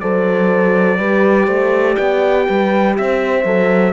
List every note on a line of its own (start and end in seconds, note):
0.00 0.99 F#3
0.00 0.99 A4
0.00 0.98 C5
0.00 1.97 D5
0.98 1.47 G3
0.98 3.45 G4
0.98 1.46 B4
1.46 1.97 A3
1.46 1.95 C5
1.97 2.48 B3
1.97 2.46 D5
1.97 2.95 G5
2.47 2.99 G3
2.47 2.96 B4
2.98 3.44 C4
2.98 3.93 C5
2.98 3.93 E5
3.44 3.93 F#3
3.44 3.93 A4